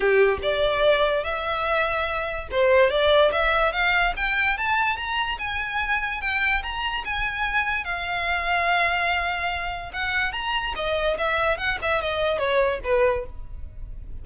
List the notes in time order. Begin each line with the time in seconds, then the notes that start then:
0.00 G4
0.42 D5
1.24 E5
2.51 C5
2.90 D5
3.32 E5
3.72 F5
4.16 G5
4.57 A5
4.96 A#5
5.38 G#5
6.21 G5
6.62 A#5
7.05 G#5
7.84 F5
9.93 F#5
10.32 A#5
10.75 D#5
11.18 E5
11.57 F#5
11.82 E5
12.01 D#5
12.38 C#5
12.84 B4